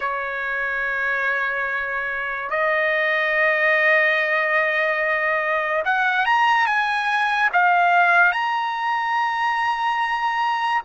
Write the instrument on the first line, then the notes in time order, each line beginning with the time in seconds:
trumpet
0.00 C#5
2.50 D#5
5.84 F#5
6.25 A#5
6.66 G#5
7.52 F5
8.32 A#5